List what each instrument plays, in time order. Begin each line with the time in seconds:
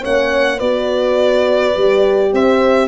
0.00 tuba A#3, horn C#4 C#5, violin F#5
0.57 tuba B3, horn F#4 B4, violin D5
1.75 tuba G3, horn G4
2.32 tuba C4, horn C5, violin E5